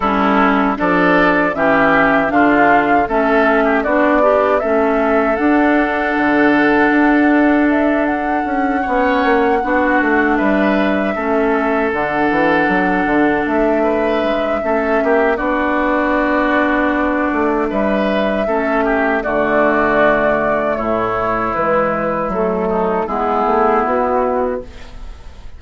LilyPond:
<<
  \new Staff \with { instrumentName = "flute" } { \time 4/4 \tempo 4 = 78 a'4 d''4 e''4 f''4 | e''4 d''4 e''4 fis''4~ | fis''2 e''8 fis''4.~ | fis''4. e''2 fis''8~ |
fis''4. e''2~ e''8 | d''2. e''4~ | e''4 d''2 cis''4 | b'4 a'4 gis'4 fis'4 | }
  \new Staff \with { instrumentName = "oboe" } { \time 4/4 e'4 a'4 g'4 f'4 | a'8. g'16 fis'8 d'8 a'2~ | a'2.~ a'8 cis''8~ | cis''8 fis'4 b'4 a'4.~ |
a'2 b'4 a'8 g'8 | fis'2. b'4 | a'8 g'8 fis'2 e'4~ | e'4. dis'8 e'2 | }
  \new Staff \with { instrumentName = "clarinet" } { \time 4/4 cis'4 d'4 cis'4 d'4 | cis'4 d'8 g'8 cis'4 d'4~ | d'2.~ d'8 cis'8~ | cis'8 d'2 cis'4 d'8~ |
d'2. cis'4 | d'1 | cis'4 a2. | gis4 a4 b2 | }
  \new Staff \with { instrumentName = "bassoon" } { \time 4/4 g4 f4 e4 d4 | a4 b4 a4 d'4 | d4 d'2 cis'8 b8 | ais8 b8 a8 g4 a4 d8 |
e8 fis8 d8 a4 gis8 a8 ais8 | b2~ b8 a8 g4 | a4 d2 a,4 | e4 fis4 gis8 a8 b4 | }
>>